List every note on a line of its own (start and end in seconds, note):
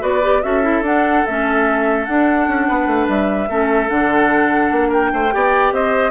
0.00 0.43 B3
0.00 0.20 F#4
0.00 0.42 B4
0.00 0.43 D5
0.22 0.43 G4
0.43 0.82 C#4
0.43 0.62 F#4
0.43 2.68 A4
0.43 0.83 E5
0.62 0.83 E4
0.82 1.22 D4
0.82 1.26 D4
0.82 1.26 F#5
1.26 2.07 A3
1.26 2.08 C#4
1.26 2.05 E5
2.05 2.48 D4
2.05 3.49 D4
2.05 3.07 F#5
2.48 2.68 C#4
2.68 2.87 B3
2.68 3.49 B4
2.87 3.07 A3
3.08 3.49 G3
3.08 3.89 E5
3.49 3.90 A3
3.49 3.88 C#4
3.49 4.89 A4
3.88 4.71 D3
3.88 5.31 D4
3.88 4.91 F#5
4.71 5.12 A#3
4.89 5.10 A#4
4.89 5.74 G5
5.13 5.34 A3
5.13 5.34 C5
5.31 5.72 B3
5.31 6.11 G4
5.31 5.74 D5
5.72 6.11 C4
5.72 6.11 C5
5.72 6.11 D#5